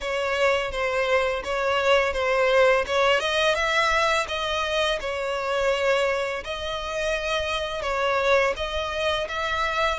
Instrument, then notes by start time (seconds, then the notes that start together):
violin
0.00 C#5
0.71 C5
1.44 C#5
2.13 C5
2.86 C#5
3.20 D#5
3.55 E5
4.28 D#5
5.00 C#5
6.44 D#5
7.82 C#5
8.56 D#5
9.28 E5